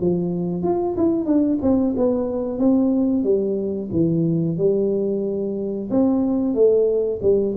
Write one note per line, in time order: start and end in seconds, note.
0.00 0.62 F3
0.62 0.95 F4
0.97 1.25 E4
1.25 1.58 D4
1.62 1.95 C4
1.96 2.58 B3
2.58 3.23 C4
3.23 3.89 G3
3.91 4.57 E3
4.57 5.89 G3
5.90 6.54 C4
6.54 7.20 A3
7.22 7.55 G3